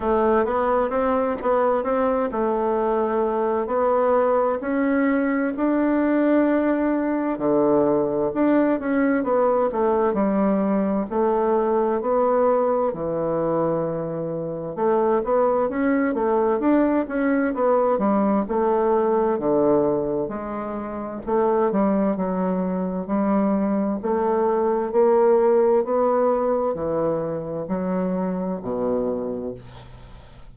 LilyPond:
\new Staff \with { instrumentName = "bassoon" } { \time 4/4 \tempo 4 = 65 a8 b8 c'8 b8 c'8 a4. | b4 cis'4 d'2 | d4 d'8 cis'8 b8 a8 g4 | a4 b4 e2 |
a8 b8 cis'8 a8 d'8 cis'8 b8 g8 | a4 d4 gis4 a8 g8 | fis4 g4 a4 ais4 | b4 e4 fis4 b,4 | }